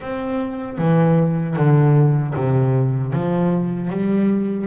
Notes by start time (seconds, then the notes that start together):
0.00 C4
0.78 E3
1.56 D3
2.35 C3
3.12 F3
3.90 G3